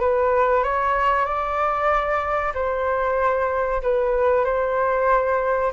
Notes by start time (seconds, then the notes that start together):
0.00 B4
0.63 C#5
1.25 D5
2.54 C5
3.82 B4
4.44 C5